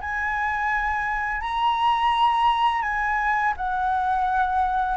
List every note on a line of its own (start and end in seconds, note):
0.00 1.41 G#5
1.41 2.82 A#5
2.82 3.53 G#5
3.57 4.97 F#5